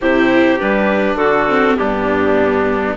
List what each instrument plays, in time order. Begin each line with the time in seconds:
0.01 bassoon C3, viola E4, trumpet G4, clarinet C5
0.59 bassoon G3, viola D4, clarinet B4
1.14 bassoon D3, trumpet F#4, clarinet A4
1.48 viola C4
1.76 bassoon G2, viola B3, trumpet D4, clarinet G4